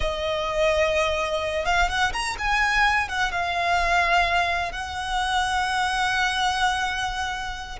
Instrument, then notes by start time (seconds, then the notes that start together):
violin
0.00 D#5
1.65 F5
1.88 F#5
2.12 A#5
2.38 G#5
3.08 F#5
3.31 F5
4.72 F#5